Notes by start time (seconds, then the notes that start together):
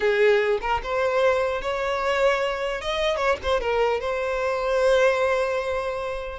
0.00 G#4
0.61 A#4
0.83 C5
1.61 C#5
2.81 D#5
3.16 C#5
3.43 C5
3.60 A#4
4.00 C5